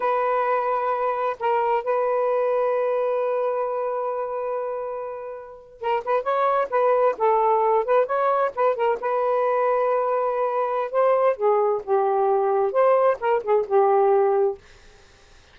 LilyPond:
\new Staff \with { instrumentName = "saxophone" } { \time 4/4 \tempo 4 = 132 b'2. ais'4 | b'1~ | b'1~ | b'8. ais'8 b'8 cis''4 b'4 a'16~ |
a'4~ a'16 b'8 cis''4 b'8 ais'8 b'16~ | b'1 | c''4 gis'4 g'2 | c''4 ais'8 gis'8 g'2 | }